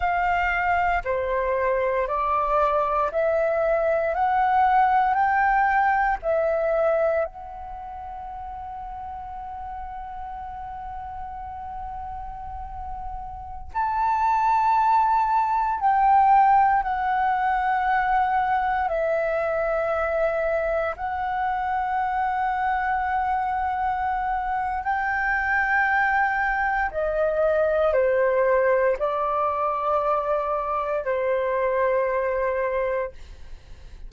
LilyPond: \new Staff \with { instrumentName = "flute" } { \time 4/4 \tempo 4 = 58 f''4 c''4 d''4 e''4 | fis''4 g''4 e''4 fis''4~ | fis''1~ | fis''4~ fis''16 a''2 g''8.~ |
g''16 fis''2 e''4.~ e''16~ | e''16 fis''2.~ fis''8. | g''2 dis''4 c''4 | d''2 c''2 | }